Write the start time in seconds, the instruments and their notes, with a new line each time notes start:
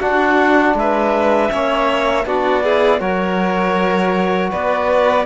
0.00 trombone D4, cello D4, violin F#4, clarinet F#5
0.75 cello G#3, violin B4, clarinet E5
1.51 cello A#3, trombone C#4, violin C#5
2.26 cello B3, trombone D4, violin F#4, clarinet D5
2.64 trombone E4, violin G#4
3.01 cello F#3, trombone F#4, violin A#4, clarinet C#5
4.52 cello B3, violin B4, clarinet D5